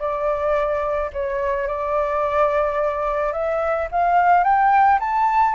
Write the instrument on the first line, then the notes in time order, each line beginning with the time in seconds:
flute
0.00 D5
1.13 C#5
1.68 D5
3.33 E5
3.92 F5
4.44 G5
5.01 A5